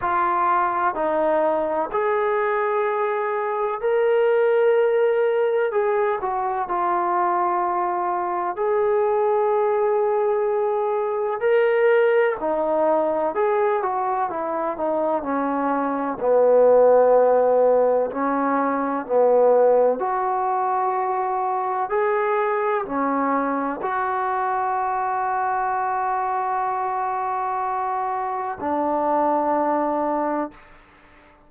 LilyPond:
\new Staff \with { instrumentName = "trombone" } { \time 4/4 \tempo 4 = 63 f'4 dis'4 gis'2 | ais'2 gis'8 fis'8 f'4~ | f'4 gis'2. | ais'4 dis'4 gis'8 fis'8 e'8 dis'8 |
cis'4 b2 cis'4 | b4 fis'2 gis'4 | cis'4 fis'2.~ | fis'2 d'2 | }